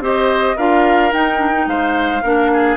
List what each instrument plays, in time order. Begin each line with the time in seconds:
0.00 bassoon C4, clarinet G4, oboe C5, flute D#5
0.57 bassoon D4, clarinet F4, oboe A#4, flute F5
1.13 clarinet D#4, bassoon D#4, flute G5
1.38 clarinet D4
1.52 clarinet D#4
1.67 bassoon G#3, oboe C5, flute F5
2.23 bassoon A#3, clarinet D4, oboe A#4
2.54 oboe G#4